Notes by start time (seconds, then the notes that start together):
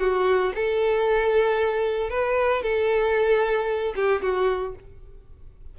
0.00 F#4
0.55 A4
2.10 B4
2.62 A4
3.95 G4
4.22 F#4